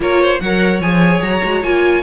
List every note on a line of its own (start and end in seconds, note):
0.00 0.39 A#3
0.00 0.40 F4
0.00 0.21 A#4
0.00 0.40 C#5
0.21 0.42 C5
0.40 0.80 F#3
0.40 0.81 A#4
0.40 2.02 C#5
0.40 0.80 F#5
0.80 1.20 F3
0.80 1.42 G#4
0.80 1.22 G#5
1.21 1.42 F#3
1.21 1.63 A#5
1.43 1.63 G#3
1.43 1.62 F#4
1.62 2.02 A#3
1.62 2.02 F4
1.62 2.02 G#5